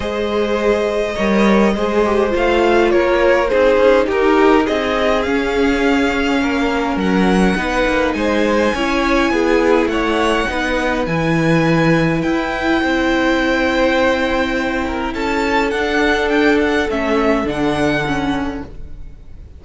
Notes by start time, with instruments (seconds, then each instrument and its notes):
0.00 cello G#3, viola G#4, violin C5 D#5
1.14 cello G3, viola A#4, violin C#5
1.75 cello G#3, viola G#4, violin C5
2.05 viola G4
2.29 cello A3, viola F4
2.36 violin F5
2.90 cello A#3, violin A#4 C#5
3.48 cello C4, viola D#4, violin G#4 C5
3.77 cello C#4
4.06 cello D#4, violin G4 A#4
4.64 cello C4, violin G#4 D#5
5.22 viola C#4, cello C#4, violin F5
6.42 cello A#3, violin A#4
6.96 cello F#3, violin F#5
7.56 cello B3, viola D#4, violin B4
7.87 cello A#3
8.12 cello G#3, violin C5 G#5
8.74 cello C#4, viola E4, violin C#5
9.30 cello B3, violin G#4
9.86 cello A3, violin C#5 F#5
10.48 cello B3, viola D#4, violin B4
11.06 cello E3, viola E4, violin G#5
12.21 cello E4, violin G5
12.81 cello C4, violin C5
14.87 violin A#4
15.14 cello C#4, violin A4 A5
15.71 cello D4, viola D4, violin F#5
16.28 violin G5
16.60 violin F#5
16.89 cello A3, viola C#4, violin E5
17.44 cello D3, viola D4, violin F#5
18.06 viola C#4